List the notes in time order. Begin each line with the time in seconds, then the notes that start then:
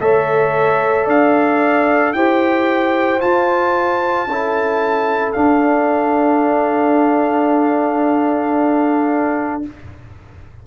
0.00 A3 A4 C#5 E5
1.05 D4 D5 F5
2.13 E4 G4 C5 G5
3.20 F4 A5
4.27 C#4 E4 A4
5.32 D4 F5